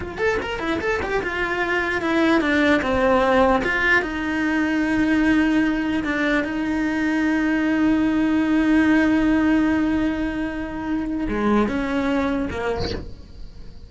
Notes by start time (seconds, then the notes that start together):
0.00 F4
0.18 A4
0.42 A#4
0.59 E4
0.80 A4
1.02 G4
1.22 F4
2.01 E4
2.41 D4
2.82 C4
3.64 F4
4.02 D#4
6.04 D4
6.44 D#4
11.28 G#3
11.68 C#4
12.50 A#3